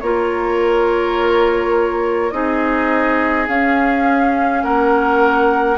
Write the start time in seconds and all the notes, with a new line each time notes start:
0.00 A#3 F4 A#4 C#5
2.31 C4 D#4 G#4 D#5
3.47 C#4 F5
4.63 A#3 A#4 F#5